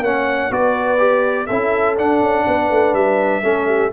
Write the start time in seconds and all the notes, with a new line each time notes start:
0.00 A#3 C#4 C#5 F#5
0.50 B3 F#4 B4 D5
0.98 G4
1.46 C#4 E4 A4 E5
1.96 D4 F#5
2.21 C#4
2.47 B3 B4
2.70 A3
2.93 G3 E5
3.42 A3 C#4 A4
3.66 G4